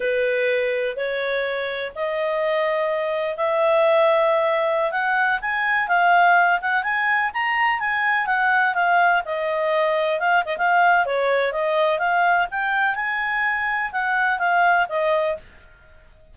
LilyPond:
\new Staff \with { instrumentName = "clarinet" } { \time 4/4 \tempo 4 = 125 b'2 cis''2 | dis''2. e''4~ | e''2~ e''16 fis''4 gis''8.~ | gis''16 f''4. fis''8 gis''4 ais''8.~ |
ais''16 gis''4 fis''4 f''4 dis''8.~ | dis''4~ dis''16 f''8 dis''16 f''4 cis''4 | dis''4 f''4 g''4 gis''4~ | gis''4 fis''4 f''4 dis''4 | }